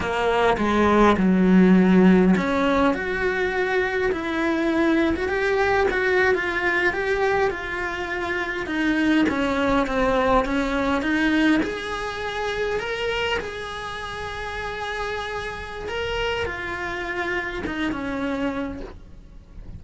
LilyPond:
\new Staff \with { instrumentName = "cello" } { \time 4/4 \tempo 4 = 102 ais4 gis4 fis2 | cis'4 fis'2 e'4~ | e'8. fis'16 g'4 fis'8. f'4 g'16~ | g'8. f'2 dis'4 cis'16~ |
cis'8. c'4 cis'4 dis'4 gis'16~ | gis'4.~ gis'16 ais'4 gis'4~ gis'16~ | gis'2. ais'4 | f'2 dis'8 cis'4. | }